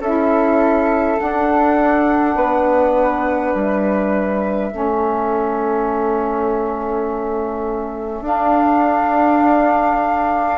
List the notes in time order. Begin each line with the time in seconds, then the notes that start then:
0.00 C#4 E4 A4 E5
1.18 D4 F#5
2.36 B3 B4
3.55 G3 E5
4.71 A3 C#4 A4
8.22 D4 F5